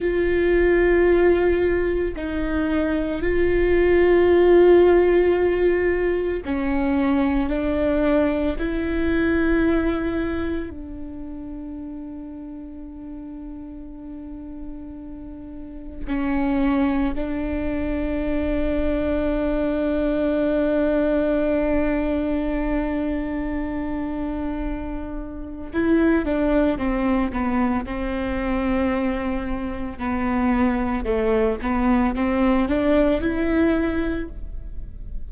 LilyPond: \new Staff \with { instrumentName = "viola" } { \time 4/4 \tempo 4 = 56 f'2 dis'4 f'4~ | f'2 cis'4 d'4 | e'2 d'2~ | d'2. cis'4 |
d'1~ | d'1 | e'8 d'8 c'8 b8 c'2 | b4 a8 b8 c'8 d'8 e'4 | }